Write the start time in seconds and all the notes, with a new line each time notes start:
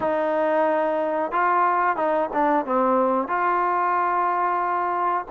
0.00 D#4
1.31 F4
1.96 D#4
2.33 D4
2.65 C4
3.28 F4